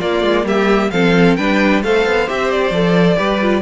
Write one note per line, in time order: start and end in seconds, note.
0.00 0.91 A#3
0.00 0.23 A#3
0.00 0.45 F4
0.00 0.46 D5
0.23 0.44 G#3
0.44 0.90 G3
0.44 0.92 G4
0.44 0.91 E5
0.91 1.38 F3
0.91 1.38 C4
0.91 1.38 A4
0.91 1.36 F5
1.36 1.83 G3
1.36 1.84 D4
1.36 1.83 B4
1.36 1.82 G5
1.83 2.05 A3
1.83 2.27 A4
1.83 3.17 C5
1.83 2.29 F5
2.05 2.28 B3
2.27 2.71 C4
2.27 2.73 G4
2.27 2.51 E5
2.51 3.62 D5
2.71 3.16 F3
2.71 3.18 A4
3.17 3.62 G3
3.17 3.40 G4
3.17 3.62 B4
3.42 3.62 F4